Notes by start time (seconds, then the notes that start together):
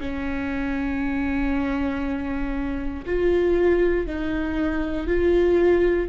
0.00 C#4
3.06 F4
4.07 D#4
5.07 F4